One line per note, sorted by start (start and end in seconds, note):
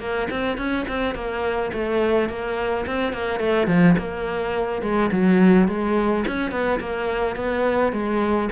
0.00 0.28 A#3
0.31 0.58 C4
0.58 0.86 C#4
0.89 1.15 C4
1.15 1.72 A#3
1.73 2.30 A3
2.30 2.86 A#3
2.87 3.13 C4
3.13 3.40 A#3
3.40 3.68 A3
3.68 3.96 F3
3.98 4.83 A#3
4.83 5.11 G#3
5.12 5.69 F#3
5.69 6.25 G#3
6.28 6.52 C#4
6.52 6.80 B3
6.80 7.37 A#3
7.37 7.93 B3
7.93 8.50 G#3